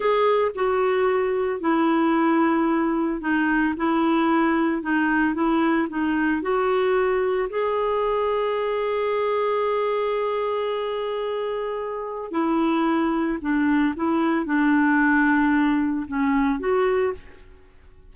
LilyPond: \new Staff \with { instrumentName = "clarinet" } { \time 4/4 \tempo 4 = 112 gis'4 fis'2 e'4~ | e'2 dis'4 e'4~ | e'4 dis'4 e'4 dis'4 | fis'2 gis'2~ |
gis'1~ | gis'2. e'4~ | e'4 d'4 e'4 d'4~ | d'2 cis'4 fis'4 | }